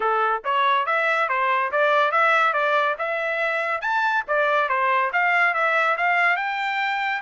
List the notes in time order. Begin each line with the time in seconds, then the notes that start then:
0.00 A4
0.44 C#5
0.86 E5
1.28 C5
1.71 D5
2.11 E5
2.53 D5
2.98 E5
3.81 A5
4.27 D5
4.68 C5
5.12 F5
5.54 E5
5.97 F5
6.36 G5